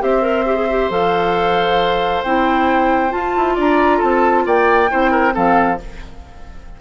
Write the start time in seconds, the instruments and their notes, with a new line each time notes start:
0.00 bassoon C4, clarinet G4, oboe C5, flute E5
0.22 clarinet A#4
0.46 clarinet G4
0.56 clarinet G#4
0.70 clarinet G4
0.90 bassoon F3, clarinet A4, flute F5
2.23 bassoon C4, clarinet E4, flute G5
3.10 clarinet F4, bassoon F4, flute A5
3.36 bassoon E4
3.55 bassoon D4, oboe D5, flute A#5
3.97 bassoon C4, oboe A4, flute A5
4.46 bassoon A#3, oboe D5, flute G5
4.90 bassoon C4, clarinet E4, oboe C5
5.11 oboe A#4
5.32 bassoon F3, clarinet C4, oboe A4, flute F5